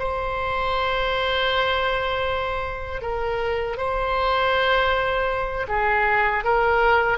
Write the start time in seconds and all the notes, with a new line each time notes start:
0.00 C5
3.02 A#4
3.78 C5
5.69 G#4
6.45 A#4